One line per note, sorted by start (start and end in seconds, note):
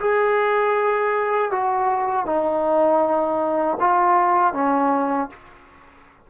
0.00 1.51 G#4
1.51 2.26 F#4
2.26 3.78 D#4
3.80 4.53 F4
4.53 5.29 C#4